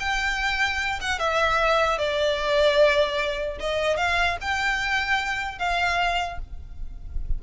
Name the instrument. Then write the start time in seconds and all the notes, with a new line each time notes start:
violin
0.00 G5
1.01 F#5
1.19 E5
1.98 D5
3.60 D#5
3.97 F5
4.41 G5
5.59 F5